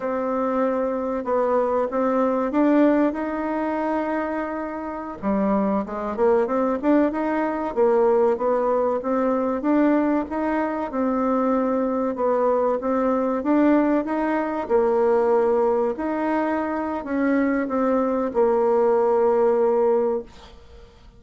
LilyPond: \new Staff \with { instrumentName = "bassoon" } { \time 4/4 \tempo 4 = 95 c'2 b4 c'4 | d'4 dis'2.~ | dis'16 g4 gis8 ais8 c'8 d'8 dis'8.~ | dis'16 ais4 b4 c'4 d'8.~ |
d'16 dis'4 c'2 b8.~ | b16 c'4 d'4 dis'4 ais8.~ | ais4~ ais16 dis'4.~ dis'16 cis'4 | c'4 ais2. | }